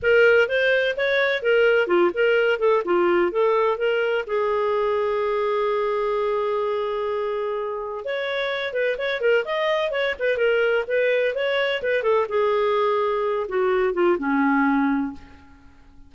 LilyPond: \new Staff \with { instrumentName = "clarinet" } { \time 4/4 \tempo 4 = 127 ais'4 c''4 cis''4 ais'4 | f'8 ais'4 a'8 f'4 a'4 | ais'4 gis'2.~ | gis'1~ |
gis'4 cis''4. b'8 cis''8 ais'8 | dis''4 cis''8 b'8 ais'4 b'4 | cis''4 b'8 a'8 gis'2~ | gis'8 fis'4 f'8 cis'2 | }